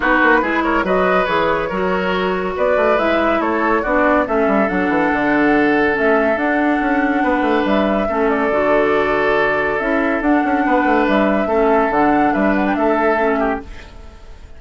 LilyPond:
<<
  \new Staff \with { instrumentName = "flute" } { \time 4/4 \tempo 4 = 141 b'4. cis''8 dis''4 cis''4~ | cis''2 d''4 e''4 | cis''4 d''4 e''4 fis''4~ | fis''2 e''4 fis''4~ |
fis''2 e''4. d''8~ | d''2. e''4 | fis''2 e''2 | fis''4 e''8 fis''16 g''16 e''2 | }
  \new Staff \with { instrumentName = "oboe" } { \time 4/4 fis'4 gis'8 ais'8 b'2 | ais'2 b'2 | a'4 fis'4 a'2~ | a'1~ |
a'4 b'2 a'4~ | a'1~ | a'4 b'2 a'4~ | a'4 b'4 a'4. g'8 | }
  \new Staff \with { instrumentName = "clarinet" } { \time 4/4 dis'4 e'4 fis'4 gis'4 | fis'2. e'4~ | e'4 d'4 cis'4 d'4~ | d'2 cis'4 d'4~ |
d'2. cis'4 | fis'2. e'4 | d'2. cis'4 | d'2. cis'4 | }
  \new Staff \with { instrumentName = "bassoon" } { \time 4/4 b8 ais8 gis4 fis4 e4 | fis2 b8 a8 gis4 | a4 b4 a8 g8 fis8 e8 | d2 a4 d'4 |
cis'4 b8 a8 g4 a4 | d2. cis'4 | d'8 cis'8 b8 a8 g4 a4 | d4 g4 a2 | }
>>